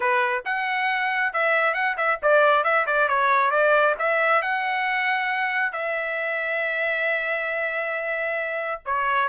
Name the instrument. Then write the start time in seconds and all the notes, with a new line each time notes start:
trumpet
0.00 B4
0.45 F#5
1.33 E5
1.74 F#5
1.97 E5
2.22 D5
2.64 E5
2.86 D5
3.08 C#5
3.50 D5
3.98 E5
4.41 F#5
5.72 E5
8.85 C#5